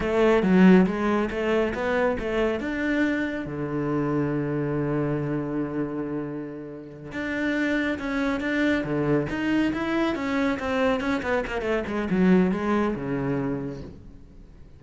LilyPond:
\new Staff \with { instrumentName = "cello" } { \time 4/4 \tempo 4 = 139 a4 fis4 gis4 a4 | b4 a4 d'2 | d1~ | d1~ |
d8 d'2 cis'4 d'8~ | d'8 d4 dis'4 e'4 cis'8~ | cis'8 c'4 cis'8 b8 ais8 a8 gis8 | fis4 gis4 cis2 | }